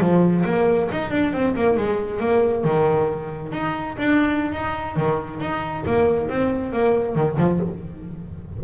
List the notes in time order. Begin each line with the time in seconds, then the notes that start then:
0.00 F3
0.45 A#3
0.91 D#4
1.11 D4
1.33 C4
1.55 A#3
1.77 G#3
2.20 A#3
2.64 D#3
3.52 D#4
3.97 D4
4.52 D#4
4.96 D#3
5.40 D#4
5.86 A#3
6.29 C4
6.73 A#3
7.15 D#3
7.38 F3